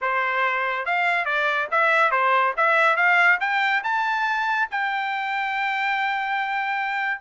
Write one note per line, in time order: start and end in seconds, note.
0.01 0.85 C5
0.85 1.25 F5
1.25 1.67 D5
1.71 2.11 E5
2.11 2.53 C5
2.56 2.96 E5
2.96 3.38 F5
3.40 3.83 G5
3.83 4.68 A5
4.70 7.20 G5